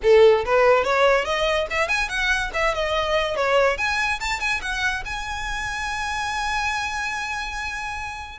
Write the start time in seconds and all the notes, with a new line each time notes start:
0.02 A4
0.45 B4
0.84 C#5
1.24 D#5
1.70 E5
1.88 G#5
2.08 F#5
2.53 E5
2.74 D#5
3.36 C#5
3.77 G#5
4.20 A5
4.39 G#5
4.61 F#5
5.05 G#5